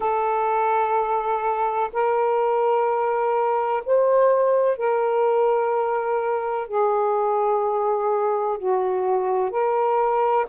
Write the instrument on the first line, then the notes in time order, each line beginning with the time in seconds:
saxophone
0.00 A4
1.92 A#4
3.85 C5
4.77 A#4
6.67 G#4
8.58 F#4
9.50 A#4